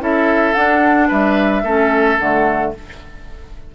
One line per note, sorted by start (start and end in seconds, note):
0.00 0.54 C#4
0.00 0.54 E4
0.00 1.08 A4
0.00 0.54 E5
0.54 1.10 D4
0.54 1.66 D4
0.54 1.08 F#5
1.08 1.63 G3
1.08 1.62 B4
1.08 2.19 E5
1.63 2.17 A3
1.63 2.20 C#4
1.63 2.72 A4
2.19 2.74 D3
2.19 2.75 A3
2.19 2.73 F#5